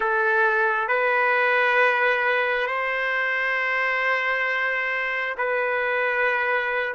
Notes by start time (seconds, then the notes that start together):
0.00 A4
0.88 B4
2.66 C5
5.37 B4